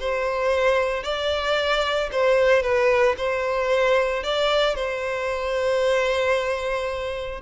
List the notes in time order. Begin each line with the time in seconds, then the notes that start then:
0.00 C5
1.04 D5
2.12 C5
2.63 B4
3.18 C5
4.23 D5
4.75 C5